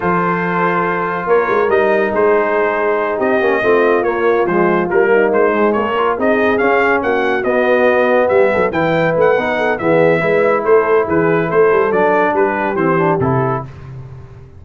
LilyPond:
<<
  \new Staff \with { instrumentName = "trumpet" } { \time 4/4 \tempo 4 = 141 c''2. cis''4 | dis''4 c''2~ c''8 dis''8~ | dis''4. cis''4 c''4 ais'8~ | ais'8 c''4 cis''4 dis''4 f''8~ |
f''8 fis''4 dis''2 e''8~ | e''8 g''4 fis''4. e''4~ | e''4 c''4 b'4 c''4 | d''4 b'4 c''4 a'4 | }
  \new Staff \with { instrumentName = "horn" } { \time 4/4 a'2. ais'4~ | ais'4 gis'2~ gis'8 g'8~ | g'8 f'2.~ f'8 | dis'4. ais'4 gis'4.~ |
gis'8 fis'2. g'8 | a'8 b'2 a'8 gis'4 | b'4 a'4 gis'4 a'4~ | a'4 g'2. | }
  \new Staff \with { instrumentName = "trombone" } { \time 4/4 f'1 | dis'1 | cis'8 c'4 ais4 gis4 ais8~ | ais4 gis4 f'8 dis'4 cis'8~ |
cis'4. b2~ b8~ | b8 e'4. dis'4 b4 | e'1 | d'2 c'8 d'8 e'4 | }
  \new Staff \with { instrumentName = "tuba" } { \time 4/4 f2. ais8 gis8 | g4 gis2~ gis8 c'8 | ais8 a4 ais4 f4 g8~ | g8 gis4 ais4 c'4 cis'8~ |
cis'8 ais4 b2 g8 | fis8 e4 a8 b4 e4 | gis4 a4 e4 a8 g8 | fis4 g4 e4 c4 | }
>>